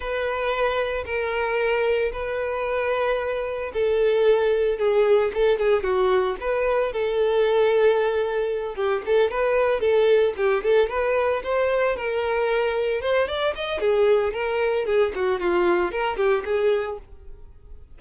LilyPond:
\new Staff \with { instrumentName = "violin" } { \time 4/4 \tempo 4 = 113 b'2 ais'2 | b'2. a'4~ | a'4 gis'4 a'8 gis'8 fis'4 | b'4 a'2.~ |
a'8 g'8 a'8 b'4 a'4 g'8 | a'8 b'4 c''4 ais'4.~ | ais'8 c''8 d''8 dis''8 gis'4 ais'4 | gis'8 fis'8 f'4 ais'8 g'8 gis'4 | }